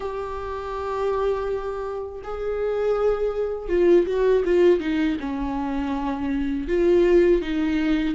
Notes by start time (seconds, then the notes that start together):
0.00 G4
2.23 G#4
3.68 F4
4.06 F#4
4.44 F4
4.80 D#4
5.20 C#4
6.68 F4
7.41 D#4